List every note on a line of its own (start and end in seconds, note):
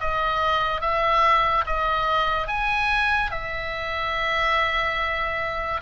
0.00 0.81 D#5
0.81 1.64 E5
1.66 2.47 D#5
2.47 3.31 G#5
3.31 5.81 E5